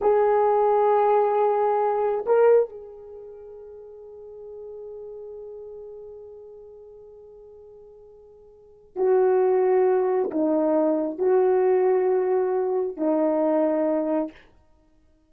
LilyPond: \new Staff \with { instrumentName = "horn" } { \time 4/4 \tempo 4 = 134 gis'1~ | gis'4 ais'4 gis'2~ | gis'1~ | gis'1~ |
gis'1 | fis'2. dis'4~ | dis'4 fis'2.~ | fis'4 dis'2. | }